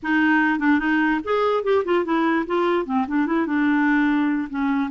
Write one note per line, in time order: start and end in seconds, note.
0.02 0.59 D#4
0.59 0.79 D4
0.79 1.20 D#4
1.24 1.63 G#4
1.63 1.83 G4
1.85 2.04 F4
2.04 2.45 E4
2.46 2.85 F4
2.85 3.05 C4
3.07 3.26 D4
3.26 3.46 E4
3.46 4.48 D4
4.49 4.90 C#4